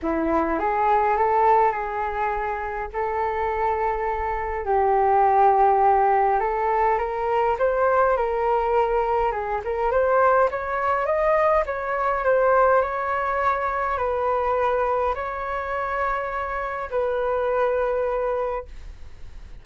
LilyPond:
\new Staff \with { instrumentName = "flute" } { \time 4/4 \tempo 4 = 103 e'4 gis'4 a'4 gis'4~ | gis'4 a'2. | g'2. a'4 | ais'4 c''4 ais'2 |
gis'8 ais'8 c''4 cis''4 dis''4 | cis''4 c''4 cis''2 | b'2 cis''2~ | cis''4 b'2. | }